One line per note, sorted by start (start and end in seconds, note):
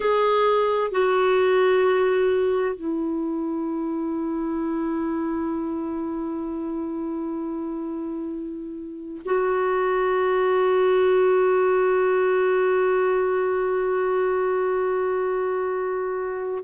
0.00 0.91 G#4
0.91 2.74 F#4
2.74 9.21 E4
9.25 16.63 F#4